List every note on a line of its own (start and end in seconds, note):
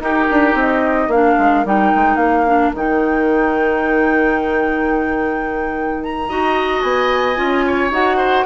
0.00 0.27 D#4
0.00 1.11 D#4
0.00 1.12 G4
0.00 0.57 A#4
0.30 0.54 D4
0.54 1.07 C4
0.54 1.11 D#5
1.07 1.35 A#3
1.07 1.65 D4
1.07 6.29 A#4
1.07 1.65 F5
1.38 1.65 G#3
1.65 1.92 G3
1.65 2.46 D#4
1.65 2.16 G5
1.96 2.16 G#3
2.16 2.71 A#3
2.16 2.71 F5
2.46 2.74 D4
2.74 6.28 D#3
2.74 6.29 D#4
2.74 6.03 G5
6.03 6.82 A#5
6.29 6.83 D#4
6.29 7.36 F#4
6.29 7.65 D#5
6.82 7.37 B3
6.82 7.91 G#5
7.36 7.90 C#4
7.36 7.90 F4
7.67 8.17 C#5
7.90 8.45 D#4
7.90 8.46 F#4
7.90 8.46 F#5
8.17 8.44 C5